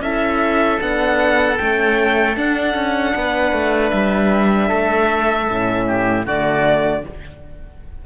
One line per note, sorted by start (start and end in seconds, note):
0.00 0.78 C#4
0.00 0.80 E4
0.00 3.15 A4
0.00 0.79 E5
0.80 1.59 B3
0.80 1.58 D4
0.80 1.57 F#5
1.57 2.37 A3
1.57 2.37 C#4
1.57 2.35 G5
2.37 2.75 D4
2.37 5.48 D4
2.37 3.91 F#5
2.75 3.13 C#4
3.15 3.52 B3
3.15 4.68 B4
3.52 3.91 A3
3.91 4.70 G3
3.91 6.24 E5
4.68 5.49 A3
4.68 5.84 A4
5.48 6.26 A2
5.48 6.24 C#4
5.87 6.26 G4
6.24 7.04 D3
6.24 7.02 A3
6.24 7.04 F#4
6.24 7.06 D5